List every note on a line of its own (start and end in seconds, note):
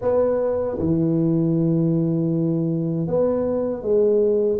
0.01 0.78 B3
0.78 3.07 E3
3.07 3.82 B3
3.82 4.59 G#3